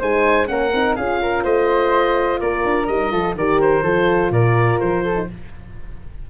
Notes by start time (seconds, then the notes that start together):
0.00 G#3 D#4 C5 G#5
0.47 A#3 C#4 A#4 F#5
0.73 C4 D#4
0.96 C#4 F4 G#4 F5
1.22 A#4
1.44 A3 C5 D#5
2.40 A#3 A#4 D5
2.65 D4
2.87 G3 D#4 D#5
3.11 F3 F4 A4
3.35 D#3 G4 A#4 D5
3.61 C5
3.83 F3 F4 A4
4.31 A#2 A#4 D5
4.80 F3 C5
5.04 A4
5.15 D#4